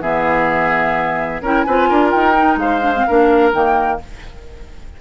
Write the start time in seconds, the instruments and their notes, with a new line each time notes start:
0.00 bassoon E3, clarinet B3, oboe G#4, flute E5
1.41 bassoon C#4, clarinet E4, oboe A#4, flute G5
1.61 bassoon C4, oboe B4, flute G#5
1.68 clarinet F4
1.88 bassoon D4, oboe A#4
2.10 bassoon D#4, flute G5
2.35 clarinet D#4
2.56 bassoon G#3, oboe C5, flute F5
2.81 clarinet D4
2.95 clarinet C4
3.07 bassoon A#3, clarinet D4, oboe A#4
3.52 bassoon D#3, clarinet A#3, flute G5